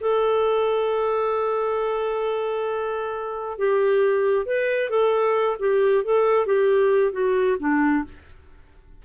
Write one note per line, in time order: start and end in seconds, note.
0.00 3.58 A4
3.58 4.46 G4
4.46 4.89 B4
4.89 5.57 A4
5.59 6.04 G4
6.04 6.46 A4
6.46 7.12 G4
7.12 7.57 F#4
7.59 8.04 D4